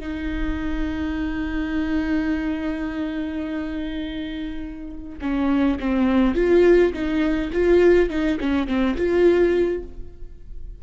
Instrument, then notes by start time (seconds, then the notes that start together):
viola
0.00 D#4
5.22 C#4
5.80 C4
6.35 F4
6.93 D#4
7.53 F4
8.10 D#4
8.40 C#4
8.67 C4
8.97 F4